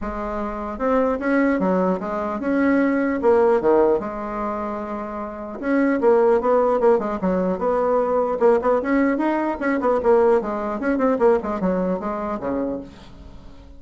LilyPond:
\new Staff \with { instrumentName = "bassoon" } { \time 4/4 \tempo 4 = 150 gis2 c'4 cis'4 | fis4 gis4 cis'2 | ais4 dis4 gis2~ | gis2 cis'4 ais4 |
b4 ais8 gis8 fis4 b4~ | b4 ais8 b8 cis'4 dis'4 | cis'8 b8 ais4 gis4 cis'8 c'8 | ais8 gis8 fis4 gis4 cis4 | }